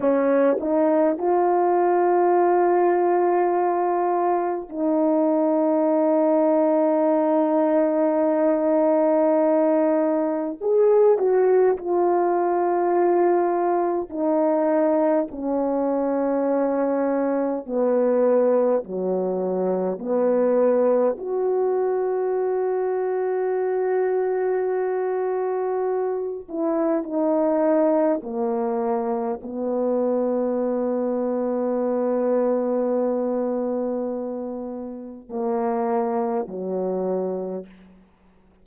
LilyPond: \new Staff \with { instrumentName = "horn" } { \time 4/4 \tempo 4 = 51 cis'8 dis'8 f'2. | dis'1~ | dis'4 gis'8 fis'8 f'2 | dis'4 cis'2 b4 |
fis4 b4 fis'2~ | fis'2~ fis'8 e'8 dis'4 | ais4 b2.~ | b2 ais4 fis4 | }